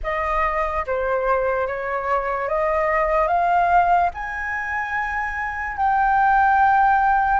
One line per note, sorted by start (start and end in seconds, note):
0.03 0.85 D#5
0.86 1.67 C5
1.67 2.48 C#5
2.48 3.27 D#5
3.27 4.09 F5
4.14 5.76 G#5
5.76 7.40 G5